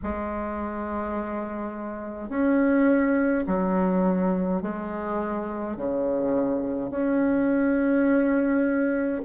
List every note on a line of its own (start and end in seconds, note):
0.03 2.29 G#3
2.29 3.44 C#4
3.46 4.62 F#3
4.62 5.76 G#3
5.76 6.90 C#3
6.90 9.21 C#4